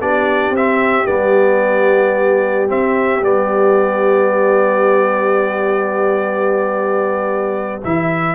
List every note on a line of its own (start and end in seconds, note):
0.00 0.50 B3
0.00 0.56 D4
0.00 8.34 G4
0.00 0.55 D5
0.50 1.04 C4
0.56 1.06 C4
0.56 1.06 E5
1.06 2.70 G3
1.06 2.68 B3
1.06 2.68 D5
2.68 3.22 C4
2.68 3.24 E5
3.22 7.81 G3
3.22 7.82 B3
3.22 7.83 D5
7.84 8.34 E3
7.84 8.34 E4
7.84 8.34 E5